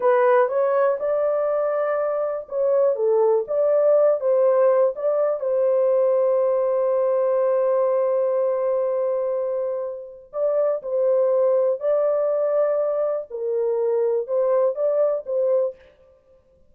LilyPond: \new Staff \with { instrumentName = "horn" } { \time 4/4 \tempo 4 = 122 b'4 cis''4 d''2~ | d''4 cis''4 a'4 d''4~ | d''8 c''4. d''4 c''4~ | c''1~ |
c''1~ | c''4 d''4 c''2 | d''2. ais'4~ | ais'4 c''4 d''4 c''4 | }